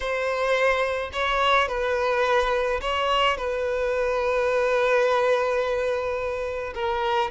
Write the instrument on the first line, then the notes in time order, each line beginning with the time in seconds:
violin
0.00 C5
1.12 C#5
1.68 B4
2.81 C#5
3.37 B4
6.74 A#4